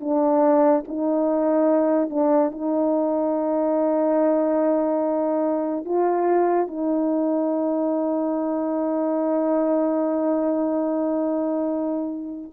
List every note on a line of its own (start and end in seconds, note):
0.00 0.83 D4
0.87 2.09 D#4
2.09 2.51 D4
2.52 5.85 D#4
5.85 6.67 F4
6.67 12.51 D#4